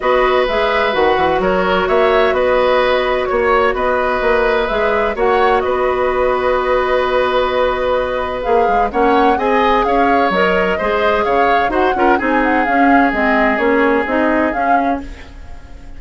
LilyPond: <<
  \new Staff \with { instrumentName = "flute" } { \time 4/4 \tempo 4 = 128 dis''4 e''4 fis''4 cis''4 | e''4 dis''2 cis''4 | dis''2 e''4 fis''4 | dis''1~ |
dis''2 f''4 fis''4 | gis''4 f''4 dis''2 | f''4 fis''4 gis''8 fis''8 f''4 | dis''4 cis''4 dis''4 f''4 | }
  \new Staff \with { instrumentName = "oboe" } { \time 4/4 b'2. ais'4 | cis''4 b'2 cis''4 | b'2. cis''4 | b'1~ |
b'2. cis''4 | dis''4 cis''2 c''4 | cis''4 c''8 ais'8 gis'2~ | gis'1 | }
  \new Staff \with { instrumentName = "clarinet" } { \time 4/4 fis'4 gis'4 fis'2~ | fis'1~ | fis'2 gis'4 fis'4~ | fis'1~ |
fis'2 gis'4 cis'4 | gis'2 ais'4 gis'4~ | gis'4 fis'8 f'8 dis'4 cis'4 | c'4 cis'4 dis'4 cis'4 | }
  \new Staff \with { instrumentName = "bassoon" } { \time 4/4 b4 gis4 dis8 e8 fis4 | ais4 b2 ais4 | b4 ais4 gis4 ais4 | b1~ |
b2 ais8 gis8 ais4 | c'4 cis'4 fis4 gis4 | cis4 dis'8 cis'8 c'4 cis'4 | gis4 ais4 c'4 cis'4 | }
>>